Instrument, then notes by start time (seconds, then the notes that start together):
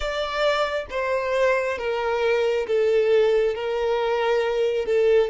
violin
0.00 D5
0.89 C5
1.78 A#4
2.66 A4
3.55 A#4
4.85 A4